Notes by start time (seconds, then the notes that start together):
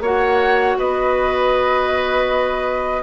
0.00 A#3 F#4 C#5 F#5
0.77 B3 B4 D#5